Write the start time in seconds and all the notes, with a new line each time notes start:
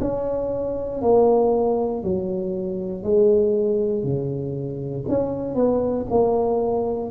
0.00 C#4
1.02 A#3
2.03 F#3
3.03 G#3
4.04 C#3
5.08 C#4
5.55 B3
6.10 A#3